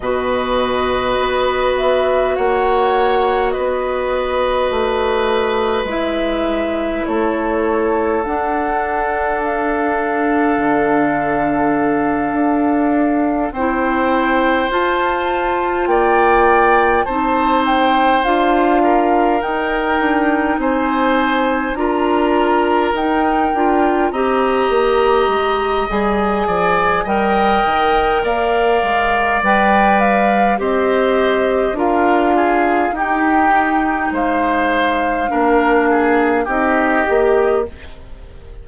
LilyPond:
<<
  \new Staff \with { instrumentName = "flute" } { \time 4/4 \tempo 4 = 51 dis''4. e''8 fis''4 dis''4~ | dis''4 e''4 cis''4 fis''4 | f''2.~ f''8 g''8~ | g''8 a''4 g''4 a''8 g''8 f''8~ |
f''8 g''4 gis''4 ais''4 g''8~ | g''8 ais''4. gis''4 g''4 | f''4 g''8 f''8 dis''4 f''4 | g''4 f''2 dis''4 | }
  \new Staff \with { instrumentName = "oboe" } { \time 4/4 b'2 cis''4 b'4~ | b'2 a'2~ | a'2.~ a'8 c''8~ | c''4. d''4 c''4. |
ais'4. c''4 ais'4.~ | ais'8 dis''2 d''8 dis''4 | d''2 c''4 ais'8 gis'8 | g'4 c''4 ais'8 gis'8 g'4 | }
  \new Staff \with { instrumentName = "clarinet" } { \time 4/4 fis'1~ | fis'4 e'2 d'4~ | d'2.~ d'8 e'8~ | e'8 f'2 dis'4 f'8~ |
f'8 dis'2 f'4 dis'8 | f'8 g'4. gis'4 ais'4~ | ais'4 b'4 g'4 f'4 | dis'2 d'4 dis'8 g'8 | }
  \new Staff \with { instrumentName = "bassoon" } { \time 4/4 b,4 b4 ais4 b4 | a4 gis4 a4 d'4~ | d'4 d4. d'4 c'8~ | c'8 f'4 ais4 c'4 d'8~ |
d'8 dis'8 d'8 c'4 d'4 dis'8 | d'8 c'8 ais8 gis8 g8 f8 g8 dis8 | ais8 gis8 g4 c'4 d'4 | dis'4 gis4 ais4 c'8 ais8 | }
>>